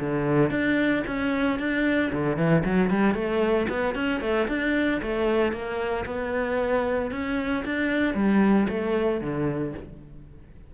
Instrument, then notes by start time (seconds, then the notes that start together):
cello
0.00 D3
0.51 D4
1.07 C#4
1.59 D4
2.13 D3
2.37 E3
2.65 F#3
2.90 G3
3.15 A3
3.70 B3
3.95 C#4
4.21 A3
4.49 D4
5.02 A3
5.53 A#3
6.06 B3
7.12 C#4
7.66 D4
8.15 G3
8.69 A3
9.21 D3